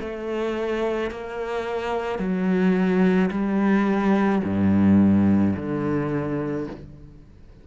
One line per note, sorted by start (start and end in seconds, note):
0.00 1.11 A3
1.11 2.19 A#3
2.19 3.30 F#3
3.31 4.42 G3
4.44 5.55 G2
5.56 6.67 D3